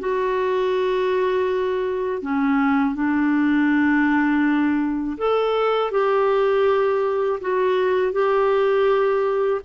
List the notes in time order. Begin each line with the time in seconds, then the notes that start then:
0.00 F#4
2.22 C#4
2.95 D4
5.18 A4
5.92 G4
7.41 F#4
8.13 G4